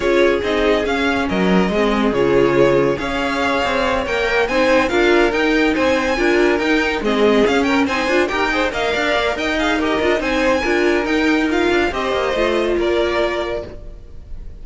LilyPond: <<
  \new Staff \with { instrumentName = "violin" } { \time 4/4 \tempo 4 = 141 cis''4 dis''4 f''4 dis''4~ | dis''4 cis''2 f''4~ | f''4. g''4 gis''4 f''8~ | f''8 g''4 gis''2 g''8~ |
g''8 dis''4 f''8 g''8 gis''4 g''8~ | g''8 f''4. g''8 f''8 dis''4 | gis''2 g''4 f''4 | dis''2 d''2 | }
  \new Staff \with { instrumentName = "violin" } { \time 4/4 gis'2. ais'4 | gis'2. cis''4~ | cis''2~ cis''8 c''4 ais'8~ | ais'4. c''4 ais'4.~ |
ais'8 gis'4. ais'8 c''4 ais'8 | c''8 dis''8 d''4 dis''4 ais'4 | c''4 ais'2. | c''2 ais'2 | }
  \new Staff \with { instrumentName = "viola" } { \time 4/4 f'4 dis'4 cis'2 | c'4 f'2 gis'4~ | gis'4. ais'4 dis'4 f'8~ | f'8 dis'2 f'4 dis'8~ |
dis'8 c'4 cis'4 dis'8 f'8 g'8 | gis'8 ais'2 gis'8 g'8 f'8 | dis'4 f'4 dis'4 f'4 | g'4 f'2. | }
  \new Staff \with { instrumentName = "cello" } { \time 4/4 cis'4 c'4 cis'4 fis4 | gis4 cis2 cis'4~ | cis'8 c'4 ais4 c'4 d'8~ | d'8 dis'4 c'4 d'4 dis'8~ |
dis'8 gis4 cis'4 c'8 d'8 dis'8~ | dis'8 ais8 d'8 ais8 dis'4. d'8 | c'4 d'4 dis'4. d'8 | c'8 ais8 a4 ais2 | }
>>